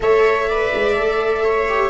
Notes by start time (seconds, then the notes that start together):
0.00 A3 A4 C#5 E5
0.48 B4 D5
0.74 G#3
0.94 A3 A4
1.44 C#5
1.68 G4